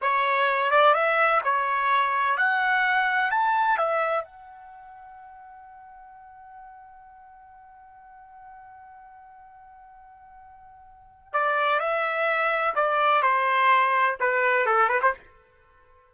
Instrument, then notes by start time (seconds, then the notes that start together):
trumpet
0.01 C#5
0.71 D5
0.93 E5
1.43 C#5
2.37 F#5
3.30 A5
3.77 E5
4.24 F#5
11.33 D5
11.79 E5
12.75 D5
13.22 C5
14.20 B4
14.66 A4
14.88 B4
15.02 C5